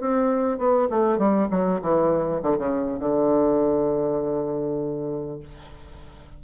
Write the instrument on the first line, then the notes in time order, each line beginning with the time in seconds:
bassoon
0.00 C4
0.58 B3
0.90 A3
1.18 G3
1.51 F#3
1.82 E3
2.42 D3
2.58 C#3
2.99 D3